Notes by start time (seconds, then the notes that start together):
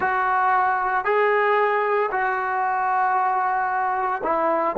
0.00 F#4
1.04 G#4
2.11 F#4
4.23 E4